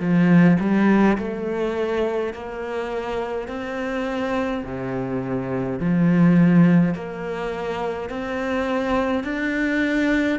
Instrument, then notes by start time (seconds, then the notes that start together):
cello
0.00 F3
0.60 G3
1.18 A3
2.33 A#3
3.48 C4
4.64 C3
5.80 F3
6.95 A#3
8.10 C4
9.24 D4